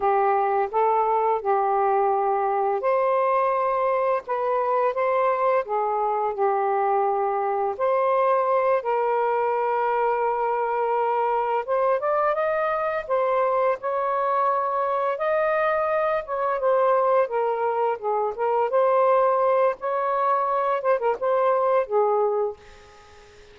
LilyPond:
\new Staff \with { instrumentName = "saxophone" } { \time 4/4 \tempo 4 = 85 g'4 a'4 g'2 | c''2 b'4 c''4 | gis'4 g'2 c''4~ | c''8 ais'2.~ ais'8~ |
ais'8 c''8 d''8 dis''4 c''4 cis''8~ | cis''4. dis''4. cis''8 c''8~ | c''8 ais'4 gis'8 ais'8 c''4. | cis''4. c''16 ais'16 c''4 gis'4 | }